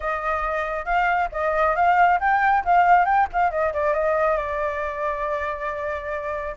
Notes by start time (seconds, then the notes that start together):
0.00 D#5
0.85 F5
1.32 D#5
1.75 F5
2.20 G5
2.64 F5
3.05 G5
3.32 F5
3.50 D#5
3.73 D5
3.93 D#5
4.37 D5